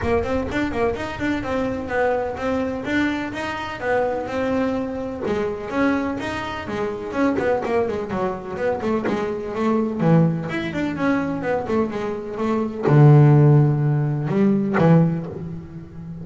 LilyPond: \new Staff \with { instrumentName = "double bass" } { \time 4/4 \tempo 4 = 126 ais8 c'8 d'8 ais8 dis'8 d'8 c'4 | b4 c'4 d'4 dis'4 | b4 c'2 gis4 | cis'4 dis'4 gis4 cis'8 b8 |
ais8 gis8 fis4 b8 a8 gis4 | a4 e4 e'8 d'8 cis'4 | b8 a8 gis4 a4 d4~ | d2 g4 e4 | }